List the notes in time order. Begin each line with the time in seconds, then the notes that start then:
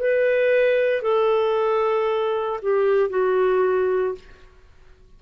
0.00 B4
1.02 A4
2.62 G4
3.10 F#4